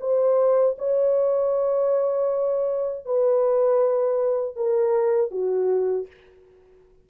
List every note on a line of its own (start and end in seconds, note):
0.00 0.76 C5
0.78 3.05 C#5
3.05 4.56 B4
4.56 5.31 A#4
5.31 6.07 F#4